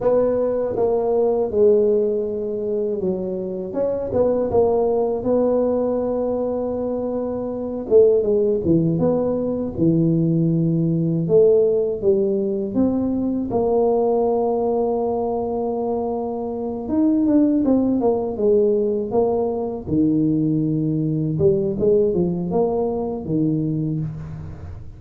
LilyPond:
\new Staff \with { instrumentName = "tuba" } { \time 4/4 \tempo 4 = 80 b4 ais4 gis2 | fis4 cis'8 b8 ais4 b4~ | b2~ b8 a8 gis8 e8 | b4 e2 a4 |
g4 c'4 ais2~ | ais2~ ais8 dis'8 d'8 c'8 | ais8 gis4 ais4 dis4.~ | dis8 g8 gis8 f8 ais4 dis4 | }